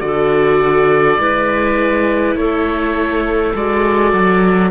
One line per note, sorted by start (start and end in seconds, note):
0.00 1.19 D3
0.00 1.18 F#4
0.00 1.21 A4
0.00 2.35 D5
1.19 2.35 G#3
1.19 3.55 E4
1.19 2.38 B4
2.35 3.53 A3
2.35 4.71 A4
2.35 3.54 C#5
3.55 4.13 G#3
3.55 4.71 F#4
3.55 4.71 D5
4.13 4.71 F#3